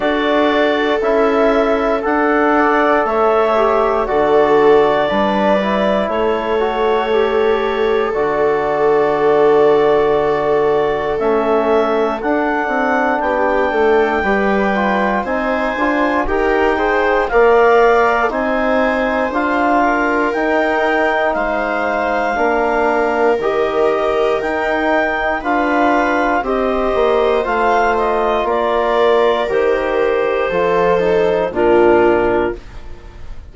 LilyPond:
<<
  \new Staff \with { instrumentName = "clarinet" } { \time 4/4 \tempo 4 = 59 d''4 e''4 fis''4 e''4 | d''2 cis''2 | d''2. e''4 | fis''4 g''2 gis''4 |
g''4 f''4 gis''4 f''4 | g''4 f''2 dis''4 | g''4 f''4 dis''4 f''8 dis''8 | d''4 c''2 ais'4 | }
  \new Staff \with { instrumentName = "viola" } { \time 4/4 a'2~ a'8 d''8 cis''4 | a'4 b'4 a'2~ | a'1~ | a'4 g'8 a'8 b'4 c''4 |
ais'8 c''8 d''4 c''4. ais'8~ | ais'4 c''4 ais'2~ | ais'4 b'4 c''2 | ais'2 a'4 f'4 | }
  \new Staff \with { instrumentName = "trombone" } { \time 4/4 fis'4 e'4 a'4. g'8 | fis'4 d'8 e'4 fis'8 g'4 | fis'2. cis'4 | d'2 g'8 f'8 dis'8 f'8 |
g'8 gis'8 ais'4 dis'4 f'4 | dis'2 d'4 g'4 | dis'4 f'4 g'4 f'4~ | f'4 g'4 f'8 dis'8 d'4 | }
  \new Staff \with { instrumentName = "bassoon" } { \time 4/4 d'4 cis'4 d'4 a4 | d4 g4 a2 | d2. a4 | d'8 c'8 b8 a8 g4 c'8 d'8 |
dis'4 ais4 c'4 d'4 | dis'4 gis4 ais4 dis4 | dis'4 d'4 c'8 ais8 a4 | ais4 dis4 f4 ais,4 | }
>>